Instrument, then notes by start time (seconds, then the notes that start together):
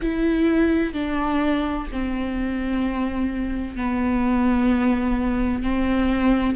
viola
0.01 E4
0.93 D4
1.92 C4
3.76 B3
5.62 C4